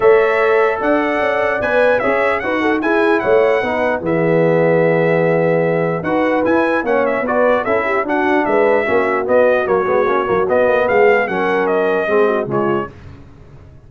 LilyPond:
<<
  \new Staff \with { instrumentName = "trumpet" } { \time 4/4 \tempo 4 = 149 e''2 fis''2 | gis''4 e''4 fis''4 gis''4 | fis''2 e''2~ | e''2. fis''4 |
gis''4 fis''8 e''8 d''4 e''4 | fis''4 e''2 dis''4 | cis''2 dis''4 f''4 | fis''4 dis''2 cis''4 | }
  \new Staff \with { instrumentName = "horn" } { \time 4/4 cis''2 d''2~ | d''4 cis''4 b'8 a'8 gis'4 | cis''4 b'4 gis'2~ | gis'2. b'4~ |
b'4 cis''4 b'4 a'8 g'8 | fis'4 b'4 fis'2~ | fis'2. gis'4 | ais'2 gis'8 fis'8 f'4 | }
  \new Staff \with { instrumentName = "trombone" } { \time 4/4 a'1 | b'4 gis'4 fis'4 e'4~ | e'4 dis'4 b2~ | b2. fis'4 |
e'4 cis'4 fis'4 e'4 | d'2 cis'4 b4 | ais8 b8 cis'8 ais8 b2 | cis'2 c'4 gis4 | }
  \new Staff \with { instrumentName = "tuba" } { \time 4/4 a2 d'4 cis'4 | b4 cis'4 dis'4 e'4 | a4 b4 e2~ | e2. dis'4 |
e'4 ais4 b4 cis'4 | d'4 gis4 ais4 b4 | fis8 gis8 ais8 fis8 b8 ais8 gis4 | fis2 gis4 cis4 | }
>>